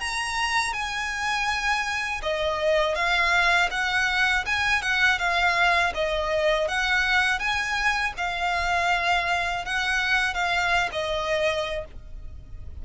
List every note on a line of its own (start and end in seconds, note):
0.00 0.73 A#5
0.73 2.22 G#5
2.22 2.95 D#5
2.95 3.69 F5
3.71 4.45 F#5
4.46 4.82 G#5
4.82 5.19 F#5
5.19 5.93 F5
5.95 6.68 D#5
6.68 7.39 F#5
7.39 8.13 G#5
8.17 9.65 F5
9.65 10.34 F#5
10.34 10.90 F5
10.92 11.85 D#5